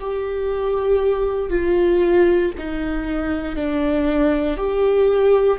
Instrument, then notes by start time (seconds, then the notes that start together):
viola
0.00 G4
1.50 F4
2.57 D#4
3.56 D4
4.57 G4